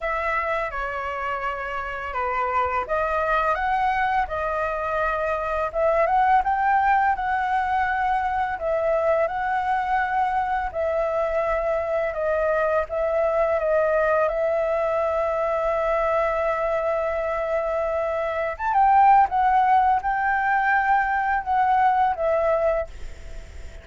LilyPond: \new Staff \with { instrumentName = "flute" } { \time 4/4 \tempo 4 = 84 e''4 cis''2 b'4 | dis''4 fis''4 dis''2 | e''8 fis''8 g''4 fis''2 | e''4 fis''2 e''4~ |
e''4 dis''4 e''4 dis''4 | e''1~ | e''2 a''16 g''8. fis''4 | g''2 fis''4 e''4 | }